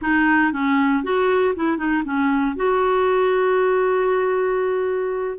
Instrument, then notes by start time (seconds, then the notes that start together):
clarinet
0.01 D#4
0.52 C#4
1.03 F#4
1.55 E4
1.77 D#4
2.04 C#4
2.56 F#4